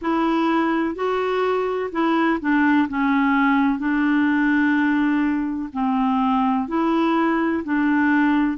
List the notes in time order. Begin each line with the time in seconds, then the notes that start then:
0.01 E4
0.95 F#4
1.92 E4
2.40 D4
2.88 C#4
3.78 D4
5.72 C4
6.68 E4
7.64 D4